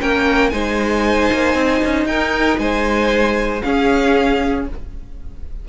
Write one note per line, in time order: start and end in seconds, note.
0.00 0.52 A#3
0.00 0.52 C#4
0.00 0.53 A#4
0.00 0.50 G5
0.50 1.30 G#3
0.50 3.62 D#4
0.50 2.08 C5
0.50 2.05 G#5
1.33 1.54 A#3
1.54 1.80 C4
1.85 2.05 C#4
2.05 2.57 D#4
2.05 2.60 A#4
2.05 2.59 G5
2.59 3.62 G#3
2.59 3.64 C5
2.59 3.62 G#5
3.62 4.66 C#4
3.62 4.69 C#4
3.62 4.68 G#4
3.62 4.66 F5